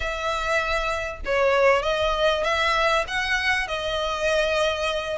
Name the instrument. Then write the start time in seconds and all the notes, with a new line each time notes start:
violin
0.00 E5
1.25 C#5
1.82 D#5
2.43 E5
3.07 F#5
3.67 D#5